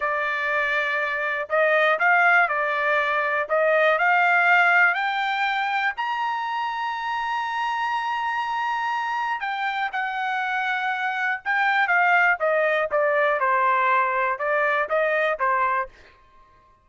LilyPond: \new Staff \with { instrumentName = "trumpet" } { \time 4/4 \tempo 4 = 121 d''2. dis''4 | f''4 d''2 dis''4 | f''2 g''2 | ais''1~ |
ais''2. g''4 | fis''2. g''4 | f''4 dis''4 d''4 c''4~ | c''4 d''4 dis''4 c''4 | }